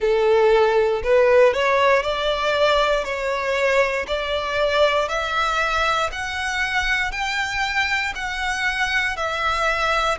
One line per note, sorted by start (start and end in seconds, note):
0.00 1.02 A4
1.03 1.53 B4
1.53 2.02 C#5
2.02 3.04 D5
3.04 4.05 C#5
4.07 5.08 D5
5.08 6.10 E5
6.12 7.11 F#5
7.11 8.13 G5
8.14 9.16 F#5
9.16 10.17 E5